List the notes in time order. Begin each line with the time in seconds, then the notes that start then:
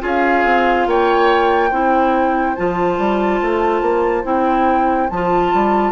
0.00 C#4 F4 G#4 F5
0.44 C4
0.87 A#3 C#5 G5
1.70 C4 E4 C5
2.55 F3 F4 A5
2.98 G3
3.41 A3
3.81 A#3
4.24 C4 E4 G5
5.10 F3 F4 A5
5.53 G3